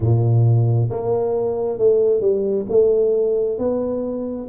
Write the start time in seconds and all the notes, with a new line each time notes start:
0.00 A#2
0.90 A#3
1.78 A3
2.20 G3
2.69 A3
3.58 B3